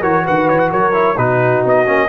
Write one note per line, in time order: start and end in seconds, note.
0.00 0.26 E3
0.00 0.93 F#4
0.00 0.23 A#4
0.00 0.25 C#5
0.25 0.49 D#3
0.25 0.71 B4
0.25 0.48 F#5
0.48 0.72 E3
0.48 0.58 C#5
0.58 0.70 F#5
0.71 1.17 F#3
0.71 1.16 A#4
0.71 1.17 C#5
0.93 1.16 E4
1.16 1.63 B2
1.16 1.86 D#4
1.16 2.08 F#4
1.16 1.63 B4
1.65 1.88 B3
1.65 2.08 D#5
1.86 2.08 A#3
1.86 2.08 C#4